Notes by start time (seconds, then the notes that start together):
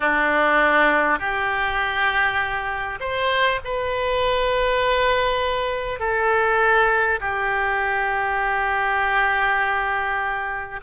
0.00 D4
1.19 G4
2.99 C5
3.64 B4
5.99 A4
7.20 G4